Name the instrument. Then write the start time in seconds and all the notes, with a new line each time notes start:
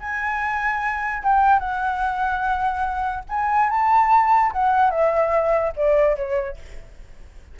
flute
0.00 G#5
1.23 G5
1.60 F#5
3.29 G#5
3.70 A5
4.52 F#5
4.91 E5
5.76 D5
6.16 C#5